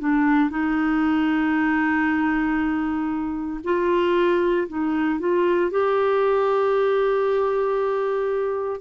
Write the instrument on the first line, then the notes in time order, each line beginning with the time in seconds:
clarinet
0.00 D4
0.50 D#4
3.64 F4
4.68 D#4
5.20 F4
5.71 G4